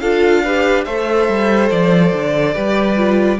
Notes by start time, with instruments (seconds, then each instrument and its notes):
0.00 cello D4, viola F4, violin A4 F5
0.44 viola G4, violin B4
0.85 cello A3, viola A4, violin C5 E5
1.29 cello G3
1.71 cello F3, violin D5
2.14 cello D3
2.54 cello G3, viola G4, violin B4
2.97 viola F4